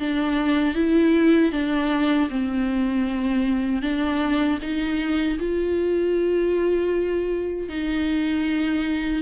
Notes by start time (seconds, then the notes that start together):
0.00 D4
0.76 E4
1.52 D4
2.30 C4
3.82 D4
4.62 D#4
5.39 F4
7.69 D#4